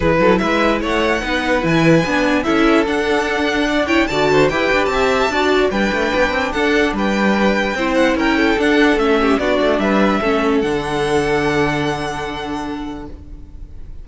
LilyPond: <<
  \new Staff \with { instrumentName = "violin" } { \time 4/4 \tempo 4 = 147 b'4 e''4 fis''2 | gis''2 e''4 fis''4~ | fis''4. g''8 a''4 g''4 | a''2 g''2 |
fis''4 g''2~ g''8 fis''8 | g''4 fis''4 e''4 d''4 | e''2 fis''2~ | fis''1 | }
  \new Staff \with { instrumentName = "violin" } { \time 4/4 gis'8 a'8 b'4 cis''4 b'4~ | b'2 a'2~ | a'4 d''8 cis''8 d''8 c''8 b'4 | e''4 d''4 b'2 |
a'4 b'2 c''4 | ais'8 a'2 g'8 fis'4 | b'4 a'2.~ | a'1 | }
  \new Staff \with { instrumentName = "viola" } { \time 4/4 e'2. dis'4 | e'4 d'4 e'4 d'4~ | d'4. e'8 fis'4 g'4~ | g'4 fis'4 d'2~ |
d'2. e'4~ | e'4 d'4 cis'4 d'4~ | d'4 cis'4 d'2~ | d'1 | }
  \new Staff \with { instrumentName = "cello" } { \time 4/4 e8 fis8 gis4 a4 b4 | e4 b4 cis'4 d'4~ | d'2 d4 e'8 d'8 | c'4 d'4 g8 a8 b8 c'8 |
d'4 g2 c'4 | cis'4 d'4 a4 b8 a8 | g4 a4 d2~ | d1 | }
>>